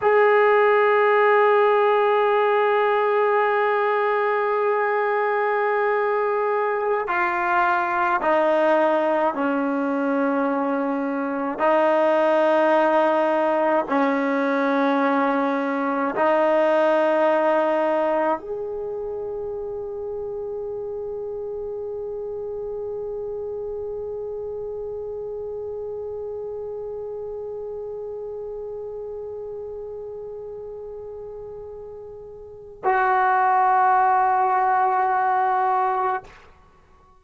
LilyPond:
\new Staff \with { instrumentName = "trombone" } { \time 4/4 \tempo 4 = 53 gis'1~ | gis'2~ gis'16 f'4 dis'8.~ | dis'16 cis'2 dis'4.~ dis'16~ | dis'16 cis'2 dis'4.~ dis'16~ |
dis'16 gis'2.~ gis'8.~ | gis'1~ | gis'1~ | gis'4 fis'2. | }